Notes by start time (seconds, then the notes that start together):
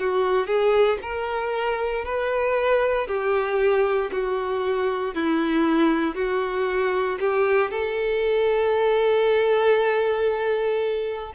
0.00 F#4
0.47 G#4
1.02 A#4
2.05 B4
3.08 G4
4.11 F#4
5.15 E4
6.16 F#4
7.19 G4
7.71 A4